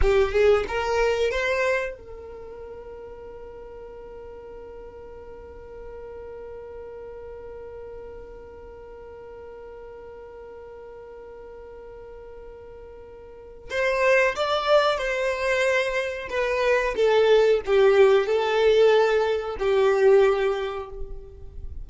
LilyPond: \new Staff \with { instrumentName = "violin" } { \time 4/4 \tempo 4 = 92 g'8 gis'8 ais'4 c''4 ais'4~ | ais'1~ | ais'1~ | ais'1~ |
ais'1~ | ais'4 c''4 d''4 c''4~ | c''4 b'4 a'4 g'4 | a'2 g'2 | }